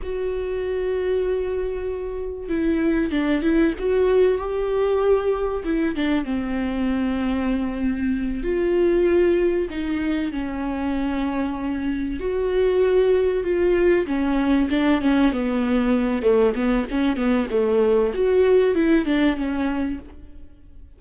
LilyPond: \new Staff \with { instrumentName = "viola" } { \time 4/4 \tempo 4 = 96 fis'1 | e'4 d'8 e'8 fis'4 g'4~ | g'4 e'8 d'8 c'2~ | c'4. f'2 dis'8~ |
dis'8 cis'2. fis'8~ | fis'4. f'4 cis'4 d'8 | cis'8 b4. a8 b8 cis'8 b8 | a4 fis'4 e'8 d'8 cis'4 | }